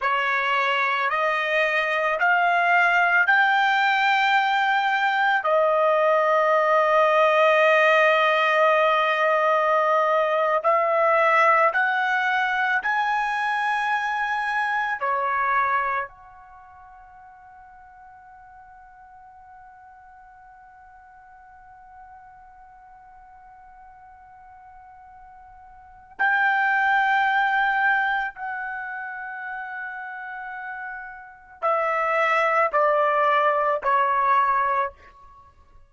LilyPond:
\new Staff \with { instrumentName = "trumpet" } { \time 4/4 \tempo 4 = 55 cis''4 dis''4 f''4 g''4~ | g''4 dis''2.~ | dis''4.~ dis''16 e''4 fis''4 gis''16~ | gis''4.~ gis''16 cis''4 fis''4~ fis''16~ |
fis''1~ | fis''1 | g''2 fis''2~ | fis''4 e''4 d''4 cis''4 | }